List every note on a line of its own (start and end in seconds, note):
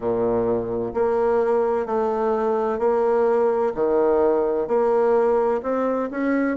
0.00 0.93 A#2
0.94 1.85 A#3
1.85 2.79 A3
2.79 3.72 A#3
3.75 4.67 D#3
4.67 5.61 A#3
5.62 6.09 C4
6.11 6.57 C#4